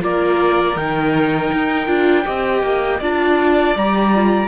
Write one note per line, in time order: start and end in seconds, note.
0.00 0.76 A#3
0.00 0.75 F4
0.00 2.25 A#4
0.00 0.77 D5
0.76 1.51 D#3
0.76 1.87 D#4
0.76 3.02 G5
1.53 1.88 D#4
1.87 2.25 D4
1.87 2.24 F4
2.25 2.62 C4
2.25 3.00 G4
2.25 3.00 D#5
2.62 3.00 A#3
3.00 3.75 D4
3.00 3.77 F4
3.00 4.48 D5
3.00 3.77 A5
3.76 4.48 G3
3.76 4.15 G4
3.76 4.48 A#5
4.15 4.48 F4